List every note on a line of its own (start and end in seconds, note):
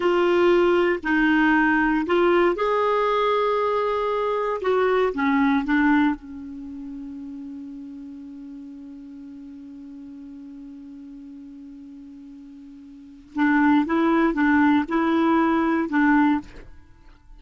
0.00 0.99 F4
1.03 2.06 D#4
2.06 2.55 F4
2.55 4.60 G#4
4.61 5.13 F#4
5.13 5.64 C#4
5.64 6.15 D4
6.15 13.33 C#4
13.34 13.86 D4
13.86 14.33 E4
14.33 14.84 D4
14.88 15.89 E4
15.89 16.40 D4